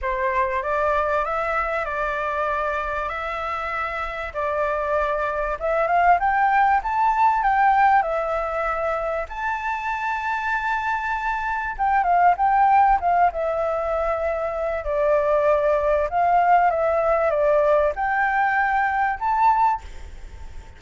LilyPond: \new Staff \with { instrumentName = "flute" } { \time 4/4 \tempo 4 = 97 c''4 d''4 e''4 d''4~ | d''4 e''2 d''4~ | d''4 e''8 f''8 g''4 a''4 | g''4 e''2 a''4~ |
a''2. g''8 f''8 | g''4 f''8 e''2~ e''8 | d''2 f''4 e''4 | d''4 g''2 a''4 | }